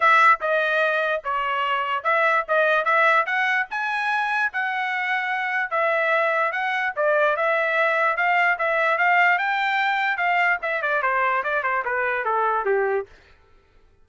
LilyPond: \new Staff \with { instrumentName = "trumpet" } { \time 4/4 \tempo 4 = 147 e''4 dis''2 cis''4~ | cis''4 e''4 dis''4 e''4 | fis''4 gis''2 fis''4~ | fis''2 e''2 |
fis''4 d''4 e''2 | f''4 e''4 f''4 g''4~ | g''4 f''4 e''8 d''8 c''4 | d''8 c''8 b'4 a'4 g'4 | }